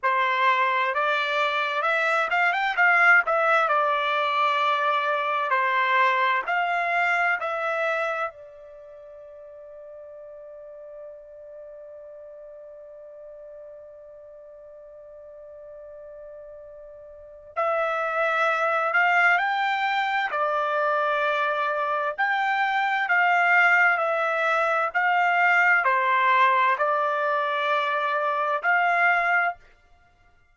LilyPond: \new Staff \with { instrumentName = "trumpet" } { \time 4/4 \tempo 4 = 65 c''4 d''4 e''8 f''16 g''16 f''8 e''8 | d''2 c''4 f''4 | e''4 d''2.~ | d''1~ |
d''2. e''4~ | e''8 f''8 g''4 d''2 | g''4 f''4 e''4 f''4 | c''4 d''2 f''4 | }